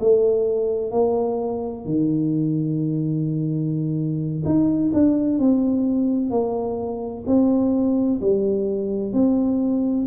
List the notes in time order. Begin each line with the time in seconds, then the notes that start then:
0.00 A3
0.91 A#3
1.85 D#3
4.45 D#4
4.93 D4
5.39 C4
6.31 A#3
7.27 C4
8.21 G3
9.13 C4